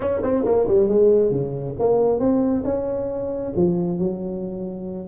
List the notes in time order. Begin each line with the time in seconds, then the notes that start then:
0.00 C#4
0.22 C4
0.45 A#3
0.67 G3
0.88 G#3
1.31 C#3
1.79 A#3
2.19 C4
2.64 C#4
3.56 F3
3.98 F#3